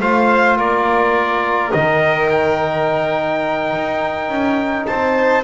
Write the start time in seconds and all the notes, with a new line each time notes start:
0.00 A3 F4 C5 F5
0.57 A#3 A#4 D5
1.71 D#3 D#4 D#5
2.29 G5
3.73 D#4
4.28 C#4
4.86 C4 C5 A5